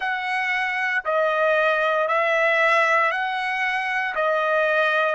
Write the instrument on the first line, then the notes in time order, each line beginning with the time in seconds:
trumpet
0.00 F#5
1.04 D#5
2.08 E5
3.11 F#5
4.15 D#5